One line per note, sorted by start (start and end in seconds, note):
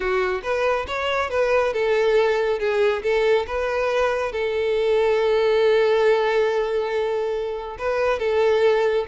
0.00 0.42 F#4
0.42 0.86 B4
0.87 1.30 C#5
1.30 1.73 B4
1.73 2.59 A4
2.59 3.02 G#4
3.03 3.46 A4
3.46 4.31 B4
4.31 7.77 A4
7.78 8.19 B4
8.19 9.05 A4